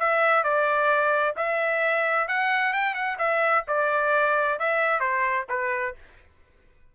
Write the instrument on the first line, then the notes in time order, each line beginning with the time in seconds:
trumpet
0.00 E5
0.44 D5
1.36 E5
2.28 F#5
2.74 G5
2.95 F#5
3.19 E5
3.68 D5
4.59 E5
5.00 C5
5.49 B4